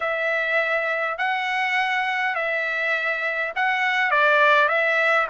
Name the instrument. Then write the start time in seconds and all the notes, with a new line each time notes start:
trumpet
0.00 E5
1.18 F#5
2.35 E5
3.55 F#5
4.10 D5
4.68 E5